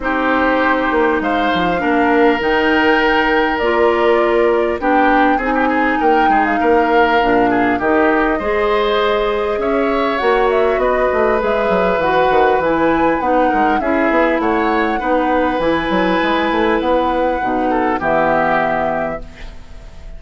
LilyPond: <<
  \new Staff \with { instrumentName = "flute" } { \time 4/4 \tempo 4 = 100 c''2 f''2 | g''2 d''2 | g''4 gis''4 g''8. f''4~ f''16~ | f''4 dis''2. |
e''4 fis''8 e''8 dis''4 e''4 | fis''4 gis''4 fis''4 e''4 | fis''2 gis''2 | fis''2 e''2 | }
  \new Staff \with { instrumentName = "oboe" } { \time 4/4 g'2 c''4 ais'4~ | ais'1 | g'4 gis'16 g'16 gis'8 ais'8 gis'8 ais'4~ | ais'8 gis'8 g'4 c''2 |
cis''2 b'2~ | b'2~ b'8 ais'8 gis'4 | cis''4 b'2.~ | b'4. a'8 g'2 | }
  \new Staff \with { instrumentName = "clarinet" } { \time 4/4 dis'2. d'4 | dis'2 f'2 | d'4 dis'2. | d'4 dis'4 gis'2~ |
gis'4 fis'2 gis'4 | fis'4 e'4 dis'4 e'4~ | e'4 dis'4 e'2~ | e'4 dis'4 b2 | }
  \new Staff \with { instrumentName = "bassoon" } { \time 4/4 c'4. ais8 gis8 f8 ais4 | dis2 ais2 | b4 c'4 ais8 gis8 ais4 | ais,4 dis4 gis2 |
cis'4 ais4 b8 a8 gis8 fis8 | e8 dis8 e4 b8 gis8 cis'8 b8 | a4 b4 e8 fis8 gis8 a8 | b4 b,4 e2 | }
>>